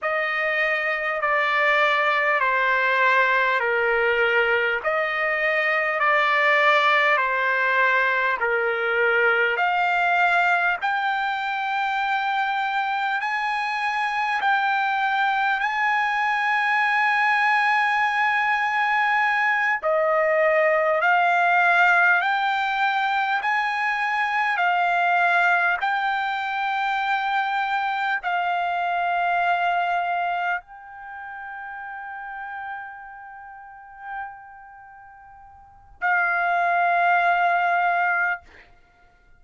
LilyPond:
\new Staff \with { instrumentName = "trumpet" } { \time 4/4 \tempo 4 = 50 dis''4 d''4 c''4 ais'4 | dis''4 d''4 c''4 ais'4 | f''4 g''2 gis''4 | g''4 gis''2.~ |
gis''8 dis''4 f''4 g''4 gis''8~ | gis''8 f''4 g''2 f''8~ | f''4. g''2~ g''8~ | g''2 f''2 | }